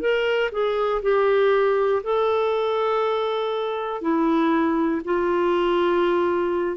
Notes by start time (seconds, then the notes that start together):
0.00 A#4
0.52 G#4
1.02 G4
2.03 A4
4.01 E4
5.05 F4